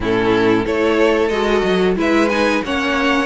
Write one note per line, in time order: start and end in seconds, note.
0.00 0.66 A2
0.00 0.65 C#4
0.00 0.65 E4
0.00 0.66 A4
0.65 1.29 A3
0.65 1.31 E4
0.65 1.97 A4
0.65 1.28 C#5
1.28 1.62 G#3
1.28 1.96 F#4
1.28 1.94 D#5
1.63 1.96 F#3
1.96 2.62 G#3
1.96 2.29 E4
1.96 2.63 B4
1.96 2.28 E5
2.28 2.63 D#4
2.28 2.61 G#5
2.64 3.25 A#3
2.64 3.25 C#4
2.64 3.25 C#5
2.64 3.25 F#5